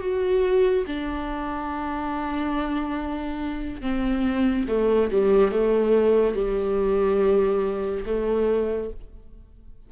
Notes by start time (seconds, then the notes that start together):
0.00 F#4
0.87 D4
3.81 C4
4.68 A3
5.11 G3
5.52 A3
6.35 G3
8.06 A3